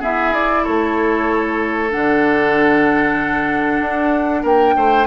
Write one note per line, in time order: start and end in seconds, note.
0.00 0.32 B3
0.00 0.67 E4
0.00 0.63 G#4
0.00 0.34 E5
0.32 1.90 E4
0.32 0.65 D5
0.64 1.94 A3
0.64 4.42 A4
0.64 1.91 C#5
1.90 3.81 D3
1.90 5.06 D4
1.90 4.44 F#5
3.81 4.44 D4
4.42 4.75 A#3
4.42 4.74 A#4
4.42 5.07 G5
4.76 5.07 A3
4.76 5.07 C5